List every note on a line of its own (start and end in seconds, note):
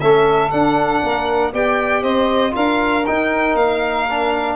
0.00 0.52 A3
0.00 0.52 C#4
0.00 1.02 A4
0.00 0.51 E5
0.51 1.53 D4
0.51 1.03 D4
0.51 1.52 F#5
1.04 1.53 A#3
1.04 1.53 A#4
1.53 2.03 B3
1.53 2.51 G4
1.53 2.02 D5
1.53 2.03 G5
2.02 2.54 C4
2.02 2.53 C5
2.02 2.54 D#5
2.51 3.07 D4
2.51 3.02 F4
2.51 4.56 A#4
2.51 3.06 F5
3.06 4.09 D#4
3.06 3.55 D#4
3.06 3.56 G5
3.55 4.56 A#3
3.55 4.56 F5
4.10 4.56 D4